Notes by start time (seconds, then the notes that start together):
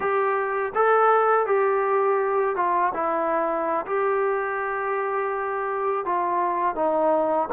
0.00 G4
0.75 A4
1.46 G4
2.56 F4
2.94 E4
3.86 G4
6.05 F4
6.75 D#4